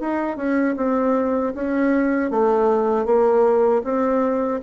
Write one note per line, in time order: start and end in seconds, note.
0.00 0.36 D#4
0.36 0.75 C#4
0.76 1.53 C4
1.54 2.30 C#4
2.30 3.05 A3
3.05 3.82 A#3
3.84 4.60 C4